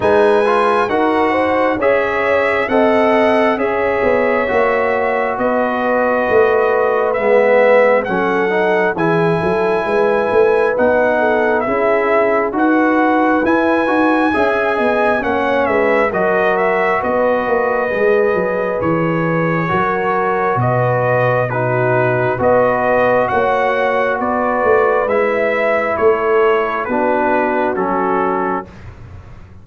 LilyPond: <<
  \new Staff \with { instrumentName = "trumpet" } { \time 4/4 \tempo 4 = 67 gis''4 fis''4 e''4 fis''4 | e''2 dis''2 | e''4 fis''4 gis''2 | fis''4 e''4 fis''4 gis''4~ |
gis''4 fis''8 e''8 dis''8 e''8 dis''4~ | dis''4 cis''2 dis''4 | b'4 dis''4 fis''4 d''4 | e''4 cis''4 b'4 a'4 | }
  \new Staff \with { instrumentName = "horn" } { \time 4/4 b'4 ais'8 c''8 cis''4 dis''4 | cis''2 b'2~ | b'4 a'4 gis'8 a'8 b'4~ | b'8 a'8 gis'4 b'2 |
e''8 dis''8 cis''8 b'8 ais'4 b'4~ | b'2 ais'4 b'4 | fis'4 b'4 cis''4 b'4~ | b'4 a'4 fis'2 | }
  \new Staff \with { instrumentName = "trombone" } { \time 4/4 dis'8 f'8 fis'4 gis'4 a'4 | gis'4 fis'2. | b4 cis'8 dis'8 e'2 | dis'4 e'4 fis'4 e'8 fis'8 |
gis'4 cis'4 fis'2 | gis'2 fis'2 | dis'4 fis'2. | e'2 d'4 cis'4 | }
  \new Staff \with { instrumentName = "tuba" } { \time 4/4 gis4 dis'4 cis'4 c'4 | cis'8 b8 ais4 b4 a4 | gis4 fis4 e8 fis8 gis8 a8 | b4 cis'4 dis'4 e'8 dis'8 |
cis'8 b8 ais8 gis8 fis4 b8 ais8 | gis8 fis8 e4 fis4 b,4~ | b,4 b4 ais4 b8 a8 | gis4 a4 b4 fis4 | }
>>